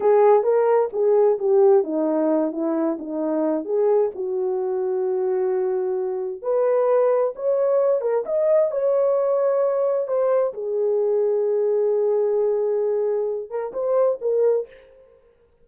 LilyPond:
\new Staff \with { instrumentName = "horn" } { \time 4/4 \tempo 4 = 131 gis'4 ais'4 gis'4 g'4 | dis'4. e'4 dis'4. | gis'4 fis'2.~ | fis'2 b'2 |
cis''4. ais'8 dis''4 cis''4~ | cis''2 c''4 gis'4~ | gis'1~ | gis'4. ais'8 c''4 ais'4 | }